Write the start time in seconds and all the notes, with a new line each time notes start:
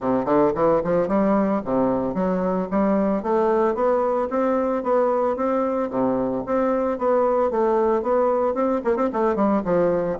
0.00 C3
0.25 D3
0.54 E3
0.84 F3
1.08 G3
1.64 C3
2.14 F#3
2.70 G3
3.23 A3
3.74 B3
4.30 C4
4.83 B3
5.36 C4
5.90 C3
6.46 C4
6.98 B3
7.50 A3
8.02 B3
8.54 C4
8.84 A#3
8.96 C4
9.12 A3
9.35 G3
9.64 F3